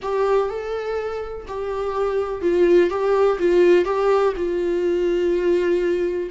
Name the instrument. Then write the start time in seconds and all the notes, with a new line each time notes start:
viola
0.02 G4
0.49 A4
1.47 G4
2.41 F4
2.89 G4
3.38 F4
3.84 G4
4.36 F4